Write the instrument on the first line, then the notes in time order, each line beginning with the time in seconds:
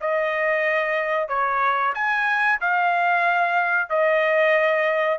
trumpet
0.00 D#5
1.28 C#5
1.94 G#5
2.60 F5
3.89 D#5